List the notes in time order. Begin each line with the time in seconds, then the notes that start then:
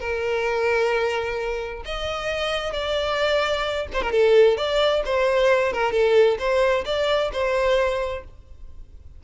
0.00 A#4
1.85 D#5
2.73 D5
3.93 C5
4.02 A#4
4.12 A4
4.57 D5
5.05 C5
5.73 A#4
5.92 A4
6.39 C5
6.85 D5
7.32 C5